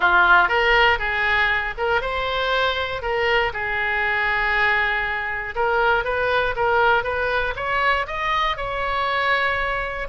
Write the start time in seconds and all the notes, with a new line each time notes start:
0.00 F4
0.48 A#4
0.99 G#4
1.77 A#4
2.01 C5
3.01 A#4
3.53 G#4
5.55 A#4
6.04 B4
6.56 A#4
7.03 B4
7.56 C#5
8.06 D#5
8.56 C#5